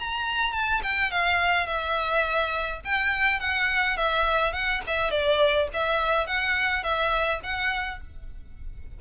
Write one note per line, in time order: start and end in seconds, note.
0.00 0.53 A#5
0.53 0.82 A5
0.83 1.11 G5
1.11 1.67 F5
1.67 2.81 E5
2.85 3.40 G5
3.40 3.97 F#5
3.97 4.53 E5
4.53 4.82 F#5
4.88 5.11 E5
5.11 5.68 D5
5.74 6.27 E5
6.27 6.84 F#5
6.84 7.41 E5
7.44 8.01 F#5